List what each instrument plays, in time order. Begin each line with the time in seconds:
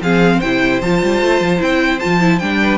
0.00 cello F3, viola C4, violin G#4 F5
0.37 cello C3, viola E4, violin C5 G5
0.81 cello F3, viola F4, violin A5
1.02 cello G3
1.22 cello A3
1.40 cello F3
1.58 cello C4, viola E4, violin G5
1.99 cello F3, viola F4, violin A5
2.20 viola E4
2.39 cello G3, viola D4, violin G5
2.61 violin B4